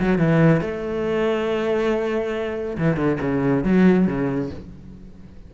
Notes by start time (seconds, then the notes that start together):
0.00 F#3
0.18 E3
0.61 A3
2.78 E3
2.96 D3
3.21 C#3
3.64 F#3
4.07 C#3